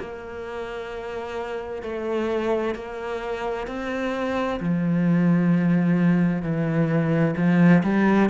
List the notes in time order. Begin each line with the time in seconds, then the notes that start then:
0.00 A#3
1.83 A3
2.75 A#3
3.68 C4
4.60 F3
6.43 E3
7.37 F3
7.84 G3